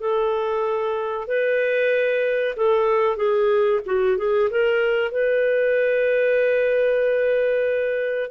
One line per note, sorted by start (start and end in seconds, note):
0.00 1.27 A4
1.27 2.55 B4
2.56 3.16 A4
3.16 3.80 G#4
3.85 4.17 F#4
4.17 4.49 G#4
4.50 5.11 A#4
5.11 8.30 B4